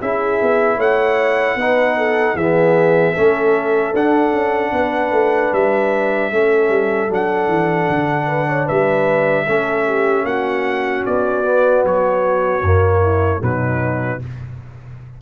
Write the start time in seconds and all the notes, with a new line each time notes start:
0.00 C#4 E4 G#4 E5
0.42 B3
0.76 A3 C#5 F#5
1.55 B3 D#4 B4
1.97 A4
2.35 E3 B3 G#4 E5
3.14 A3 C#4 A4
3.93 D4 F#5
4.32 C#4
4.72 B3 B4
5.11 A3
5.52 G3 E5
6.32 A3 C#4 A4
6.69 G3
7.10 F#3 D4 F#5
7.48 E3
7.89 D3
8.26 B4
8.48 C#5
8.66 G3 B4 E5
9.46 A3 C#4 A4
9.86 G4
10.23 A#3 F#4 F#5
11.06 B3 D5
11.44 B3
11.84 F#3 C#5
12.61 F#2 A#3
13.02 E4
13.40 B2 F#3 D#4 B4